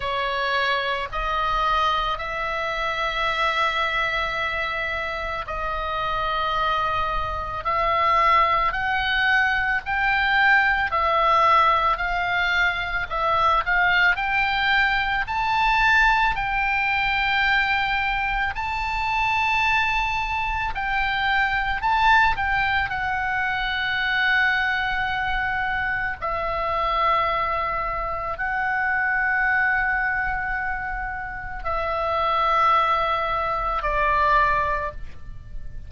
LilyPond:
\new Staff \with { instrumentName = "oboe" } { \time 4/4 \tempo 4 = 55 cis''4 dis''4 e''2~ | e''4 dis''2 e''4 | fis''4 g''4 e''4 f''4 | e''8 f''8 g''4 a''4 g''4~ |
g''4 a''2 g''4 | a''8 g''8 fis''2. | e''2 fis''2~ | fis''4 e''2 d''4 | }